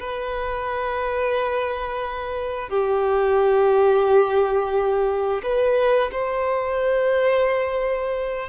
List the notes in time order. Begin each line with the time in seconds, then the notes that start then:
0.00 B4
2.69 G4
5.43 B4
6.12 C5